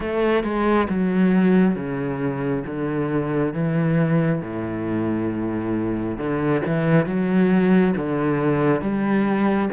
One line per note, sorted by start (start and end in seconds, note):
0.00 0.43 A3
0.43 0.87 G#3
0.89 1.75 F#3
1.75 2.64 C#3
2.66 3.53 D3
3.53 4.41 E3
4.41 6.17 A2
6.17 6.61 D3
6.65 7.06 E3
7.06 7.94 F#3
7.97 8.81 D3
8.81 9.69 G3